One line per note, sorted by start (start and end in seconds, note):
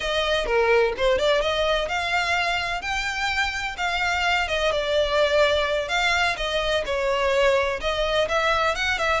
0.00 0.46 D#5
0.46 0.93 A#4
0.97 1.18 C5
1.18 1.41 D5
1.41 1.88 D#5
1.88 2.81 F5
2.81 3.76 G5
3.77 4.48 F5
4.48 4.71 D#5
4.71 5.88 D5
5.88 6.35 F5
6.37 6.84 D#5
6.85 7.80 C#5
7.81 8.28 D#5
8.28 8.75 E5
8.75 8.98 F#5
8.98 9.20 E5